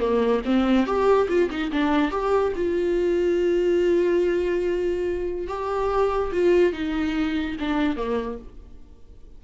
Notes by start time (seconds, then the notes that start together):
0.00 A#3
0.45 C4
0.86 G4
1.29 F4
1.50 D#4
1.72 D4
2.11 G4
2.56 F4
5.48 G4
6.32 F4
6.73 D#4
7.60 D4
7.96 A#3